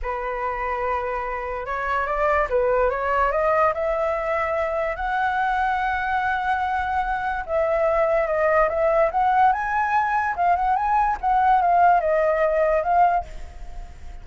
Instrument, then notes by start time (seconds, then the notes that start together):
flute
0.02 B4
1.66 C#5
2.06 D5
2.49 B4
2.90 C#5
3.31 D#5
3.74 E5
4.96 F#5
7.46 E5
8.27 D#5
8.69 E5
9.11 F#5
9.52 G#5
10.36 F5
10.56 F#5
10.75 G#5
11.20 F#5
11.61 F5
12.00 D#5
12.83 F5